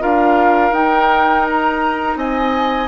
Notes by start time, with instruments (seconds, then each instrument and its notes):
0.00 bassoon D4, clarinet F4, oboe A#4, flute F5
0.71 bassoon D#4, clarinet D#4, flute G5
1.45 flute A#5
2.16 bassoon C4, oboe D#5, flute G#5